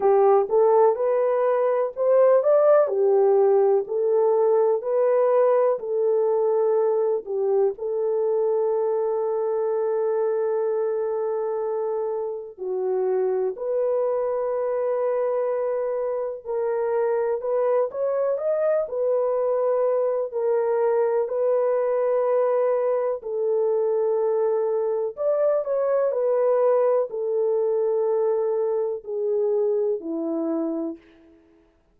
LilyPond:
\new Staff \with { instrumentName = "horn" } { \time 4/4 \tempo 4 = 62 g'8 a'8 b'4 c''8 d''8 g'4 | a'4 b'4 a'4. g'8 | a'1~ | a'4 fis'4 b'2~ |
b'4 ais'4 b'8 cis''8 dis''8 b'8~ | b'4 ais'4 b'2 | a'2 d''8 cis''8 b'4 | a'2 gis'4 e'4 | }